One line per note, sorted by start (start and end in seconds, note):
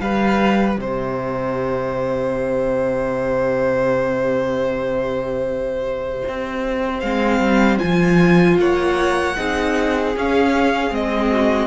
0.00 0.77 G3
0.00 7.01 G4
0.00 0.80 B4
0.00 0.77 F5
0.77 6.22 C3
0.77 8.60 C5
0.77 7.00 E5
6.28 7.02 C4
7.00 7.40 G#3
7.00 7.79 C4
7.00 7.78 F5
7.40 7.79 G3
7.79 8.58 F3
7.79 9.35 F4
7.79 8.56 G#5
8.58 9.36 A#3
8.58 9.37 C#5
8.58 10.16 F#5
9.37 10.16 C4
9.37 10.14 D#4
9.37 11.30 G#4
10.16 10.90 C#4
10.16 10.91 C#4
10.16 10.94 F5
10.90 11.67 G#3
10.90 11.67 C4
10.90 11.67 D#5
11.30 11.67 F#4